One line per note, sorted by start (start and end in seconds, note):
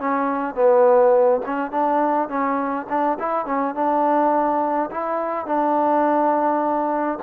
0.00 0.55 C#4
0.55 1.42 B3
1.46 1.72 C#4
1.72 2.29 D4
2.29 2.87 C#4
2.90 3.19 D4
3.20 3.46 E4
3.46 3.75 C#4
3.75 4.90 D4
4.91 5.46 E4
5.46 7.19 D4